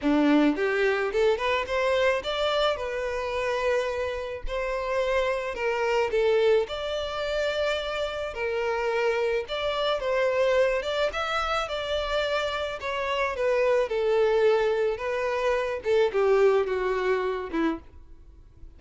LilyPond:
\new Staff \with { instrumentName = "violin" } { \time 4/4 \tempo 4 = 108 d'4 g'4 a'8 b'8 c''4 | d''4 b'2. | c''2 ais'4 a'4 | d''2. ais'4~ |
ais'4 d''4 c''4. d''8 | e''4 d''2 cis''4 | b'4 a'2 b'4~ | b'8 a'8 g'4 fis'4. e'8 | }